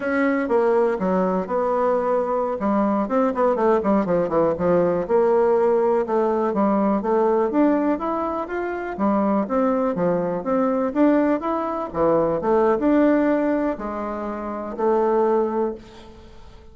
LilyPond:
\new Staff \with { instrumentName = "bassoon" } { \time 4/4 \tempo 4 = 122 cis'4 ais4 fis4 b4~ | b4~ b16 g4 c'8 b8 a8 g16~ | g16 f8 e8 f4 ais4.~ ais16~ | ais16 a4 g4 a4 d'8.~ |
d'16 e'4 f'4 g4 c'8.~ | c'16 f4 c'4 d'4 e'8.~ | e'16 e4 a8. d'2 | gis2 a2 | }